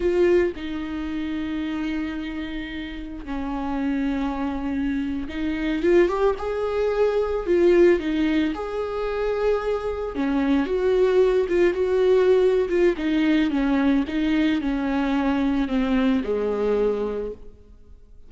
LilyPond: \new Staff \with { instrumentName = "viola" } { \time 4/4 \tempo 4 = 111 f'4 dis'2.~ | dis'2 cis'2~ | cis'4.~ cis'16 dis'4 f'8 g'8 gis'16~ | gis'4.~ gis'16 f'4 dis'4 gis'16~ |
gis'2~ gis'8. cis'4 fis'16~ | fis'4~ fis'16 f'8 fis'4.~ fis'16 f'8 | dis'4 cis'4 dis'4 cis'4~ | cis'4 c'4 gis2 | }